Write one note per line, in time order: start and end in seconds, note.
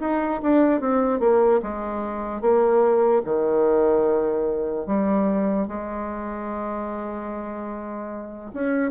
0.00 0.41 D#4
0.43 0.80 D4
0.80 1.20 C4
1.20 1.60 A#3
1.63 2.41 G#3
2.41 3.22 A#3
3.25 4.86 D#3
4.86 5.68 G3
5.68 8.51 G#3
8.54 8.91 C#4